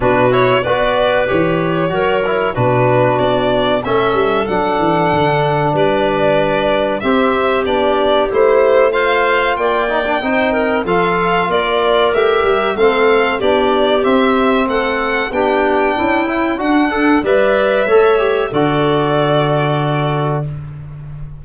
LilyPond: <<
  \new Staff \with { instrumentName = "violin" } { \time 4/4 \tempo 4 = 94 b'8 cis''8 d''4 cis''2 | b'4 d''4 e''4 fis''4~ | fis''4 d''2 e''4 | d''4 c''4 f''4 g''4~ |
g''4 f''4 d''4 e''4 | f''4 d''4 e''4 fis''4 | g''2 fis''4 e''4~ | e''4 d''2. | }
  \new Staff \with { instrumentName = "clarinet" } { \time 4/4 fis'4 b'2 ais'4 | fis'2 a'2~ | a'4 b'2 g'4~ | g'2 c''4 d''4 |
c''8 ais'8 a'4 ais'2 | a'4 g'2 a'4 | g'4 e'4 d'4 d''4 | cis''4 a'2. | }
  \new Staff \with { instrumentName = "trombone" } { \time 4/4 d'8 e'8 fis'4 g'4 fis'8 e'8 | d'2 cis'4 d'4~ | d'2. c'4 | d'4 e'4 f'4. dis'16 d'16 |
dis'4 f'2 g'4 | c'4 d'4 c'2 | d'4. e'8 fis'8 a'8 b'4 | a'8 g'8 fis'2. | }
  \new Staff \with { instrumentName = "tuba" } { \time 4/4 b,4 b4 e4 fis4 | b,4 b4 a8 g8 fis8 e8 | d4 g2 c'4 | b4 a2 ais4 |
c'4 f4 ais4 a8 g8 | a4 b4 c'4 a4 | b4 cis'4 d'4 g4 | a4 d2. | }
>>